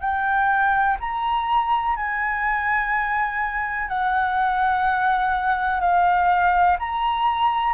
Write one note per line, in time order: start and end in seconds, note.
0.00 0.97 G5
1.00 1.96 A#5
1.96 3.88 G#5
3.88 5.80 F#5
5.80 6.77 F5
6.79 7.73 A#5